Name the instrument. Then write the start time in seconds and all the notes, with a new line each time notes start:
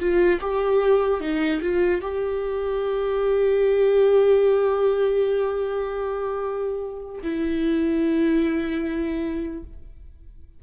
viola
0.00 F4
0.41 G4
1.21 D#4
1.62 F4
2.02 G4
7.24 E4